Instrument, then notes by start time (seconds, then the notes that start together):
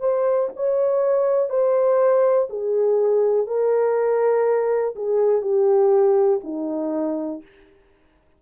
horn
0.00 C5
0.56 C#5
1.50 C5
2.49 G#4
3.46 A#4
4.95 G#4
5.42 G4
6.44 D#4